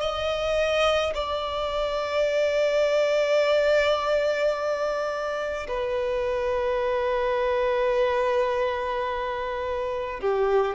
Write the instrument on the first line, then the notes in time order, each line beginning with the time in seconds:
violin
0.00 D#5
1.14 D5
5.68 B4
10.20 G4